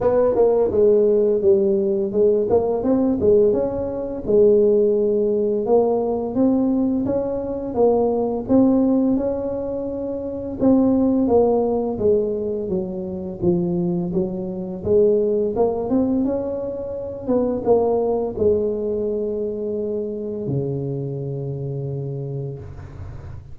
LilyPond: \new Staff \with { instrumentName = "tuba" } { \time 4/4 \tempo 4 = 85 b8 ais8 gis4 g4 gis8 ais8 | c'8 gis8 cis'4 gis2 | ais4 c'4 cis'4 ais4 | c'4 cis'2 c'4 |
ais4 gis4 fis4 f4 | fis4 gis4 ais8 c'8 cis'4~ | cis'8 b8 ais4 gis2~ | gis4 cis2. | }